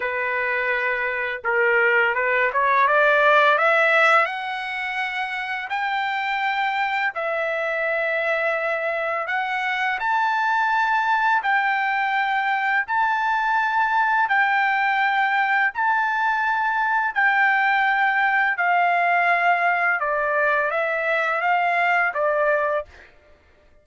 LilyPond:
\new Staff \with { instrumentName = "trumpet" } { \time 4/4 \tempo 4 = 84 b'2 ais'4 b'8 cis''8 | d''4 e''4 fis''2 | g''2 e''2~ | e''4 fis''4 a''2 |
g''2 a''2 | g''2 a''2 | g''2 f''2 | d''4 e''4 f''4 d''4 | }